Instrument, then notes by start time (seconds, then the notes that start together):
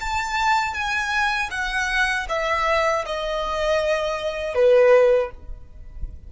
violin
0.00 A5
0.74 G#5
1.51 F#5
2.29 E5
3.06 D#5
4.55 B4